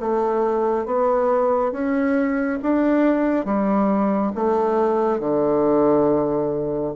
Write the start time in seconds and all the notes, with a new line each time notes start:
0.00 A3
0.86 B3
1.72 C#4
2.62 D4
3.45 G3
4.36 A3
5.20 D3